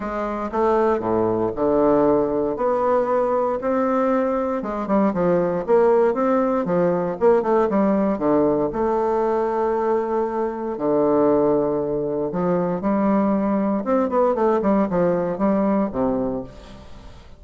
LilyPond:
\new Staff \with { instrumentName = "bassoon" } { \time 4/4 \tempo 4 = 117 gis4 a4 a,4 d4~ | d4 b2 c'4~ | c'4 gis8 g8 f4 ais4 | c'4 f4 ais8 a8 g4 |
d4 a2.~ | a4 d2. | f4 g2 c'8 b8 | a8 g8 f4 g4 c4 | }